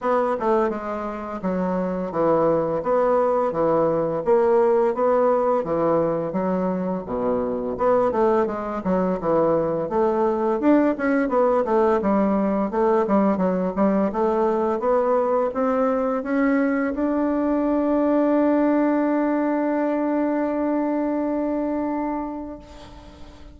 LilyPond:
\new Staff \with { instrumentName = "bassoon" } { \time 4/4 \tempo 4 = 85 b8 a8 gis4 fis4 e4 | b4 e4 ais4 b4 | e4 fis4 b,4 b8 a8 | gis8 fis8 e4 a4 d'8 cis'8 |
b8 a8 g4 a8 g8 fis8 g8 | a4 b4 c'4 cis'4 | d'1~ | d'1 | }